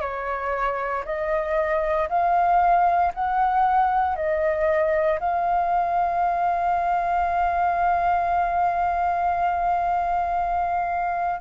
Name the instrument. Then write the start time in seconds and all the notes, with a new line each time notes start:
flute
0.00 C#5
1.05 D#5
2.09 F5
3.14 F#5
4.16 D#5
5.20 F5